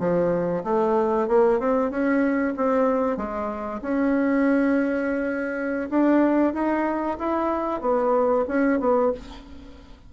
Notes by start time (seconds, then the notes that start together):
0.00 F3
0.64 A3
1.28 A#3
1.60 C4
1.91 C#4
2.57 C4
3.17 G#3
3.82 C#4
5.90 D4
6.54 D#4
7.19 E4
7.82 B3
8.48 C#4
8.80 B3